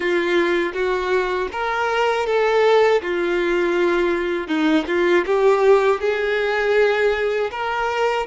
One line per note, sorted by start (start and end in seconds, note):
0.00 0.72 F4
0.73 1.48 F#4
1.51 2.26 A#4
2.26 3.01 A4
3.01 4.47 F4
4.47 4.84 D#4
4.87 5.24 F4
5.26 6.00 G4
6.00 7.50 G#4
7.51 8.26 A#4